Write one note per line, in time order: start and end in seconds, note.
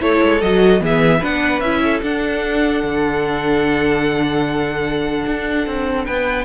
0.00 0.21 A3
0.00 0.40 E4
0.00 0.82 A4
0.00 0.42 C#5
0.23 0.42 G#3
0.42 0.81 F#3
0.42 0.80 F#4
0.42 0.82 D#5
0.80 1.21 E3
0.80 1.20 B3
0.80 1.20 G#4
0.80 1.25 E5
1.20 1.61 B3
1.20 1.62 D4
1.20 1.81 B4
1.20 1.60 F#5
1.60 2.02 C#4
1.60 2.04 E4
1.60 2.01 E5
1.84 6.06 A4
2.02 2.83 D4
2.02 6.45 D4
2.02 6.05 F#5
2.84 5.25 D3
5.27 5.67 D4
5.67 6.07 C4
6.05 6.45 B3
6.05 6.45 B4
6.05 6.45 G5